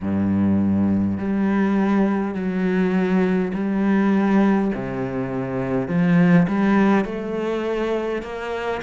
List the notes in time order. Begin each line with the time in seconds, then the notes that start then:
0.00 G2
1.18 G3
2.34 F#3
3.53 G3
4.74 C3
5.88 F3
6.48 G3
7.04 A3
8.22 A#3